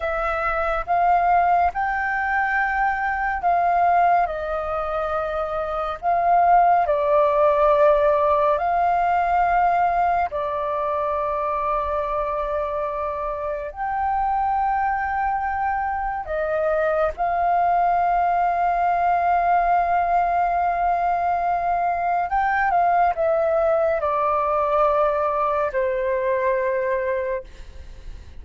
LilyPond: \new Staff \with { instrumentName = "flute" } { \time 4/4 \tempo 4 = 70 e''4 f''4 g''2 | f''4 dis''2 f''4 | d''2 f''2 | d''1 |
g''2. dis''4 | f''1~ | f''2 g''8 f''8 e''4 | d''2 c''2 | }